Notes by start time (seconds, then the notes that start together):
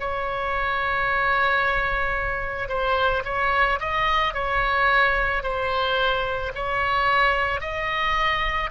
0.00 C#5
2.69 C5
3.25 C#5
3.80 D#5
4.34 C#5
5.43 C5
6.55 C#5
7.61 D#5